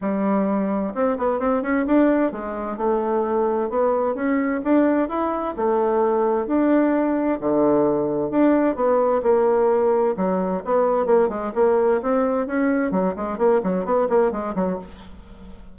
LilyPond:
\new Staff \with { instrumentName = "bassoon" } { \time 4/4 \tempo 4 = 130 g2 c'8 b8 c'8 cis'8 | d'4 gis4 a2 | b4 cis'4 d'4 e'4 | a2 d'2 |
d2 d'4 b4 | ais2 fis4 b4 | ais8 gis8 ais4 c'4 cis'4 | fis8 gis8 ais8 fis8 b8 ais8 gis8 fis8 | }